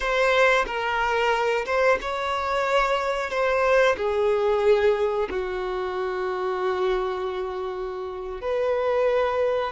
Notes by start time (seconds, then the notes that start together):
0.00 C5
0.66 A#4
1.65 C5
2.01 C#5
3.30 C5
3.97 G#4
5.30 F#4
8.41 B4